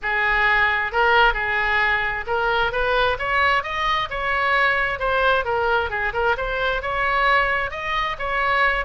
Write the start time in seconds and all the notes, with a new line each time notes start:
0.02 G#4
0.92 A#4
1.33 G#4
2.26 A#4
2.71 B4
3.18 C#5
3.63 D#5
4.10 C#5
4.99 C5
5.44 A#4
5.90 G#4
6.13 A#4
6.37 C5
6.82 C#5
7.70 D#5
8.18 C#5